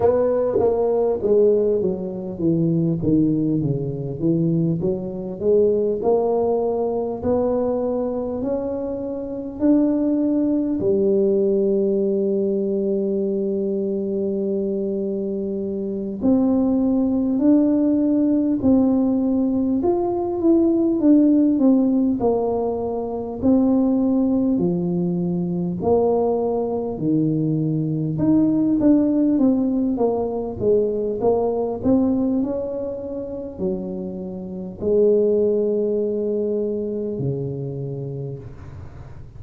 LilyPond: \new Staff \with { instrumentName = "tuba" } { \time 4/4 \tempo 4 = 50 b8 ais8 gis8 fis8 e8 dis8 cis8 e8 | fis8 gis8 ais4 b4 cis'4 | d'4 g2.~ | g4. c'4 d'4 c'8~ |
c'8 f'8 e'8 d'8 c'8 ais4 c'8~ | c'8 f4 ais4 dis4 dis'8 | d'8 c'8 ais8 gis8 ais8 c'8 cis'4 | fis4 gis2 cis4 | }